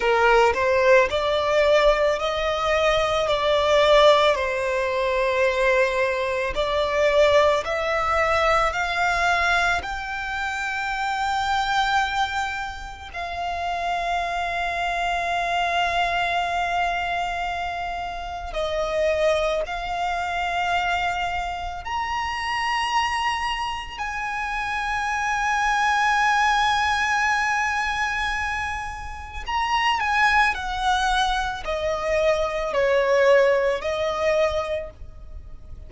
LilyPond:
\new Staff \with { instrumentName = "violin" } { \time 4/4 \tempo 4 = 55 ais'8 c''8 d''4 dis''4 d''4 | c''2 d''4 e''4 | f''4 g''2. | f''1~ |
f''4 dis''4 f''2 | ais''2 gis''2~ | gis''2. ais''8 gis''8 | fis''4 dis''4 cis''4 dis''4 | }